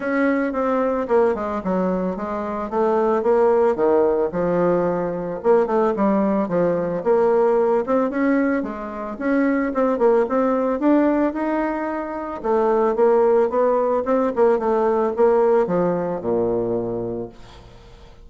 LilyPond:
\new Staff \with { instrumentName = "bassoon" } { \time 4/4 \tempo 4 = 111 cis'4 c'4 ais8 gis8 fis4 | gis4 a4 ais4 dis4 | f2 ais8 a8 g4 | f4 ais4. c'8 cis'4 |
gis4 cis'4 c'8 ais8 c'4 | d'4 dis'2 a4 | ais4 b4 c'8 ais8 a4 | ais4 f4 ais,2 | }